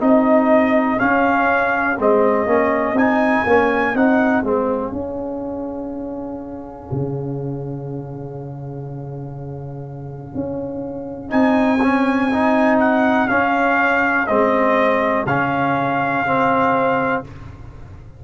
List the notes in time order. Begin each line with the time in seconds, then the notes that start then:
0.00 C4 D#4 G#4 D#5
0.98 C#4 F5
1.99 G#3 C4 D#5
2.47 A#3 C#4
2.93 C4 D#4 G#5
3.47 A#3 C#4
3.95 C4 D#4 F#5
4.44 G#3 C4 F5
4.92 C#4
6.92 C#3
10.35 C#4
11.29 C4 D#4 G#5
11.83 C#4
12.33 D#4
12.80 F#5
13.29 C#4 F5
14.27 G#3 C4 D#5
15.26 C#3 C#4 F5
16.26 C4